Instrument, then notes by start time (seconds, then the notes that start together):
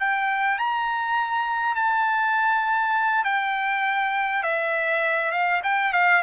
trumpet
0.00 G5
0.59 A#5
1.76 A5
3.25 G5
4.43 E5
5.32 F5
5.64 G5
5.94 F5